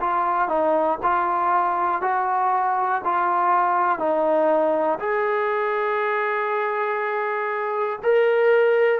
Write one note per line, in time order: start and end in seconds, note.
0.00 0.48 F4
0.48 0.98 D#4
1.02 2.01 F4
2.01 3.01 F#4
3.04 3.99 F4
3.99 4.99 D#4
4.99 7.99 G#4
8.03 9.00 A#4